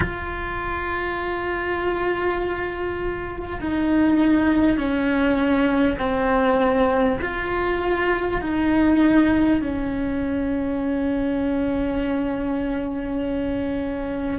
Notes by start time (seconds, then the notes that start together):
0.00 F4
3.61 D#4
4.77 C#4
5.98 C4
7.21 F4
8.41 D#4
9.61 C#4